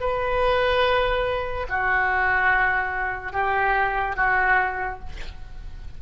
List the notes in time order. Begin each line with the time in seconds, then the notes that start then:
0.00 B4
1.69 F#4
3.32 G4
4.16 F#4